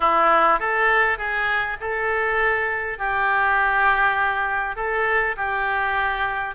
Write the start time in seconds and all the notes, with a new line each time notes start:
0.00 E4
0.59 A4
1.17 G#4
1.80 A4
2.98 G4
4.76 A4
5.37 G4